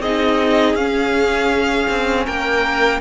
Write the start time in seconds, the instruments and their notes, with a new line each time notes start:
0.00 cello C4, viola D#4, violin G#4 D#5
0.74 cello C#4, viola C#4, violin F5
1.90 cello C4
2.25 cello A#3, violin A#4 G5